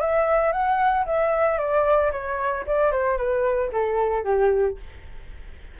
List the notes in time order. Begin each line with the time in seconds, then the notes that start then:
0.00 E5
0.52 F#5
1.06 E5
1.58 D5
2.12 C#5
2.66 D5
2.91 C5
3.17 B4
3.72 A4
4.24 G4